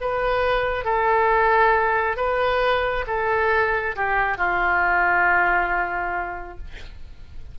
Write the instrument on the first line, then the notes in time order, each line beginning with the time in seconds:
oboe
0.00 B4
0.84 A4
2.16 B4
3.07 A4
3.95 G4
4.37 F4